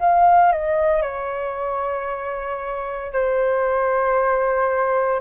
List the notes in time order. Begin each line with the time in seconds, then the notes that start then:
0.00 F5
0.53 D#5
1.02 C#5
3.12 C5